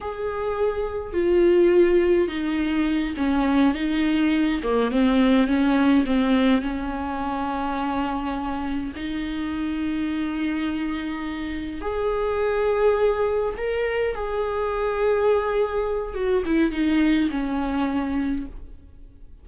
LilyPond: \new Staff \with { instrumentName = "viola" } { \time 4/4 \tempo 4 = 104 gis'2 f'2 | dis'4. cis'4 dis'4. | ais8 c'4 cis'4 c'4 cis'8~ | cis'2.~ cis'8 dis'8~ |
dis'1~ | dis'8 gis'2. ais'8~ | ais'8 gis'2.~ gis'8 | fis'8 e'8 dis'4 cis'2 | }